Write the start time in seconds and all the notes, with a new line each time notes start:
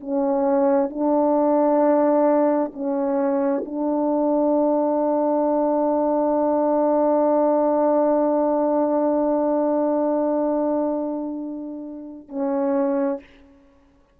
0.00 C#4
0.90 D4
2.73 C#4
3.65 D4
12.29 C#4